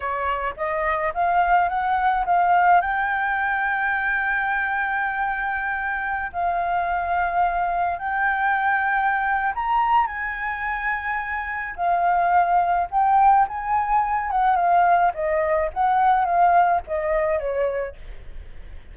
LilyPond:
\new Staff \with { instrumentName = "flute" } { \time 4/4 \tempo 4 = 107 cis''4 dis''4 f''4 fis''4 | f''4 g''2.~ | g''2.~ g''16 f''8.~ | f''2~ f''16 g''4.~ g''16~ |
g''4 ais''4 gis''2~ | gis''4 f''2 g''4 | gis''4. fis''8 f''4 dis''4 | fis''4 f''4 dis''4 cis''4 | }